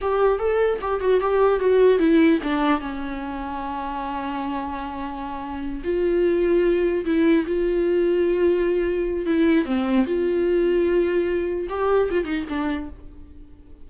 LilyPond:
\new Staff \with { instrumentName = "viola" } { \time 4/4 \tempo 4 = 149 g'4 a'4 g'8 fis'8 g'4 | fis'4 e'4 d'4 cis'4~ | cis'1~ | cis'2~ cis'8 f'4.~ |
f'4. e'4 f'4.~ | f'2. e'4 | c'4 f'2.~ | f'4 g'4 f'8 dis'8 d'4 | }